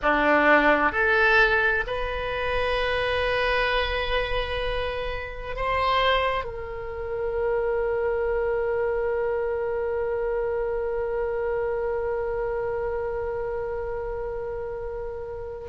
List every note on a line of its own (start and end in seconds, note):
0.02 0.92 D4
0.92 1.84 A4
1.86 5.56 B4
5.56 6.44 C5
6.44 15.67 A#4